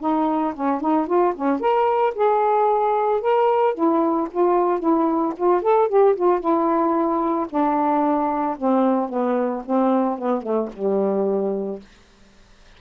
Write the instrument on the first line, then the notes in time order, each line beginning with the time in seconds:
saxophone
0.00 D#4
0.54 C#4
0.81 D#4
1.07 F4
1.35 C#4
1.60 A#4
2.15 G#4
3.21 A#4
3.75 E4
4.31 F4
4.79 E4
5.37 F4
5.62 A4
5.88 G4
6.15 F4
6.40 E4
7.50 D4
8.57 C4
9.09 B3
9.65 C4
10.18 B3
10.42 A3
10.73 G3